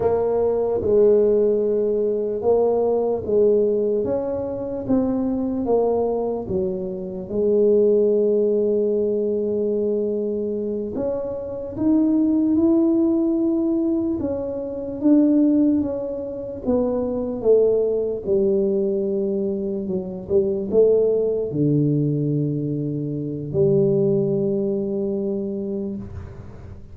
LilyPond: \new Staff \with { instrumentName = "tuba" } { \time 4/4 \tempo 4 = 74 ais4 gis2 ais4 | gis4 cis'4 c'4 ais4 | fis4 gis2.~ | gis4. cis'4 dis'4 e'8~ |
e'4. cis'4 d'4 cis'8~ | cis'8 b4 a4 g4.~ | g8 fis8 g8 a4 d4.~ | d4 g2. | }